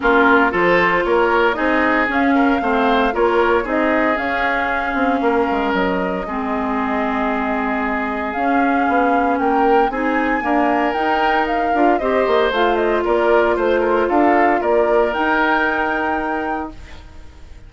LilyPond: <<
  \new Staff \with { instrumentName = "flute" } { \time 4/4 \tempo 4 = 115 ais'4 c''4 cis''4 dis''4 | f''2 cis''4 dis''4 | f''2. dis''4~ | dis''1 |
f''2 g''4 gis''4~ | gis''4 g''4 f''4 dis''4 | f''8 dis''8 d''4 c''4 f''4 | d''4 g''2. | }
  \new Staff \with { instrumentName = "oboe" } { \time 4/4 f'4 a'4 ais'4 gis'4~ | gis'8 ais'8 c''4 ais'4 gis'4~ | gis'2 ais'2 | gis'1~ |
gis'2 ais'4 gis'4 | ais'2. c''4~ | c''4 ais'4 c''8 ais'8 a'4 | ais'1 | }
  \new Staff \with { instrumentName = "clarinet" } { \time 4/4 cis'4 f'2 dis'4 | cis'4 c'4 f'4 dis'4 | cis'1 | c'1 |
cis'2. dis'4 | ais4 dis'4. f'8 g'4 | f'1~ | f'4 dis'2. | }
  \new Staff \with { instrumentName = "bassoon" } { \time 4/4 ais4 f4 ais4 c'4 | cis'4 a4 ais4 c'4 | cis'4. c'8 ais8 gis8 fis4 | gis1 |
cis'4 b4 ais4 c'4 | d'4 dis'4. d'8 c'8 ais8 | a4 ais4 a4 d'4 | ais4 dis'2. | }
>>